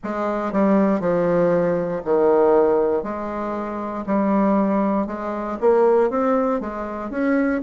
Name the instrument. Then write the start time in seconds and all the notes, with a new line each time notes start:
bassoon
0.03 G#3
0.52 G3
1.00 F3
2.04 D#3
3.03 G#3
4.06 G3
5.07 G#3
5.60 A#3
6.10 C4
6.60 G#3
7.10 C#4